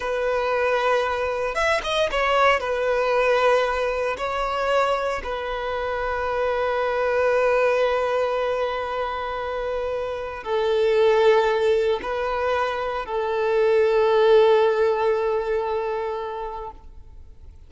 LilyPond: \new Staff \with { instrumentName = "violin" } { \time 4/4 \tempo 4 = 115 b'2. e''8 dis''8 | cis''4 b'2. | cis''2 b'2~ | b'1~ |
b'1 | a'2. b'4~ | b'4 a'2.~ | a'1 | }